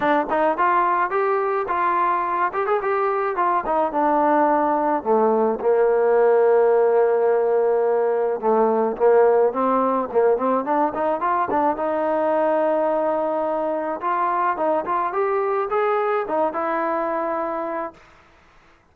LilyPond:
\new Staff \with { instrumentName = "trombone" } { \time 4/4 \tempo 4 = 107 d'8 dis'8 f'4 g'4 f'4~ | f'8 g'16 gis'16 g'4 f'8 dis'8 d'4~ | d'4 a4 ais2~ | ais2. a4 |
ais4 c'4 ais8 c'8 d'8 dis'8 | f'8 d'8 dis'2.~ | dis'4 f'4 dis'8 f'8 g'4 | gis'4 dis'8 e'2~ e'8 | }